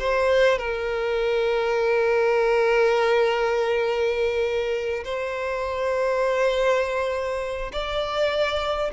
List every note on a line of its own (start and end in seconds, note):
0.00 0.59 C5
0.59 5.04 A#4
5.05 7.72 C5
7.73 8.92 D5